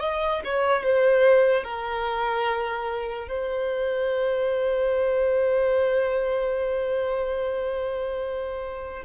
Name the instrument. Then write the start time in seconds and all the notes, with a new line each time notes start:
violin
0.00 D#5
0.44 C#5
0.83 C5
1.64 A#4
3.28 C5